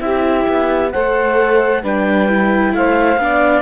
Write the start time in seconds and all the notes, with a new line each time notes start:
0.00 C4 E4 G4 E5
0.48 B3
0.92 A3 A4 C5 F#5
1.82 G3 D4 B4 G5
2.29 E4
2.73 A3 C5 F5
3.17 B3 D4 D5